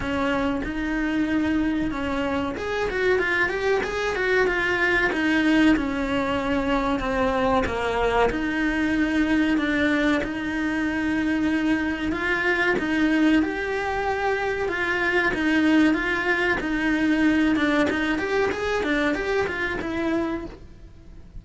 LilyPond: \new Staff \with { instrumentName = "cello" } { \time 4/4 \tempo 4 = 94 cis'4 dis'2 cis'4 | gis'8 fis'8 f'8 g'8 gis'8 fis'8 f'4 | dis'4 cis'2 c'4 | ais4 dis'2 d'4 |
dis'2. f'4 | dis'4 g'2 f'4 | dis'4 f'4 dis'4. d'8 | dis'8 g'8 gis'8 d'8 g'8 f'8 e'4 | }